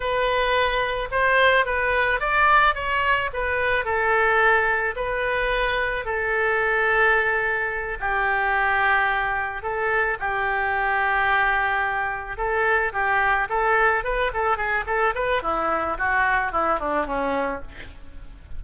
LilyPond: \new Staff \with { instrumentName = "oboe" } { \time 4/4 \tempo 4 = 109 b'2 c''4 b'4 | d''4 cis''4 b'4 a'4~ | a'4 b'2 a'4~ | a'2~ a'8 g'4.~ |
g'4. a'4 g'4.~ | g'2~ g'8 a'4 g'8~ | g'8 a'4 b'8 a'8 gis'8 a'8 b'8 | e'4 fis'4 e'8 d'8 cis'4 | }